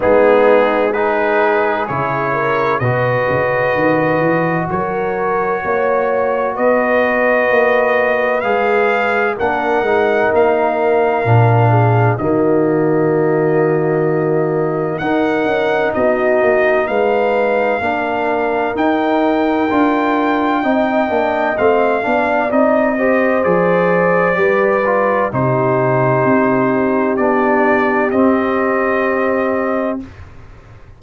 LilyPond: <<
  \new Staff \with { instrumentName = "trumpet" } { \time 4/4 \tempo 4 = 64 gis'4 b'4 cis''4 dis''4~ | dis''4 cis''2 dis''4~ | dis''4 f''4 fis''4 f''4~ | f''4 dis''2. |
fis''4 dis''4 f''2 | g''2. f''4 | dis''4 d''2 c''4~ | c''4 d''4 dis''2 | }
  \new Staff \with { instrumentName = "horn" } { \time 4/4 dis'4 gis'4. ais'8 b'4~ | b'4 ais'4 cis''4 b'4~ | b'2 ais'2~ | ais'8 gis'8 fis'2. |
ais'4 fis'4 b'4 ais'4~ | ais'2 dis''4. d''8~ | d''8 c''4. b'4 g'4~ | g'1 | }
  \new Staff \with { instrumentName = "trombone" } { \time 4/4 b4 dis'4 e'4 fis'4~ | fis'1~ | fis'4 gis'4 d'8 dis'4. | d'4 ais2. |
dis'2. d'4 | dis'4 f'4 dis'8 d'8 c'8 d'8 | dis'8 g'8 gis'4 g'8 f'8 dis'4~ | dis'4 d'4 c'2 | }
  \new Staff \with { instrumentName = "tuba" } { \time 4/4 gis2 cis4 b,8 cis8 | dis8 e8 fis4 ais4 b4 | ais4 gis4 ais8 gis8 ais4 | ais,4 dis2. |
dis'8 cis'8 b8 ais8 gis4 ais4 | dis'4 d'4 c'8 ais8 a8 b8 | c'4 f4 g4 c4 | c'4 b4 c'2 | }
>>